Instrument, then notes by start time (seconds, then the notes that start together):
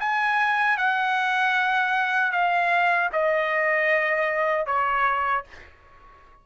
trumpet
0.00 G#5
0.78 F#5
2.32 F5
3.13 D#5
4.66 C#5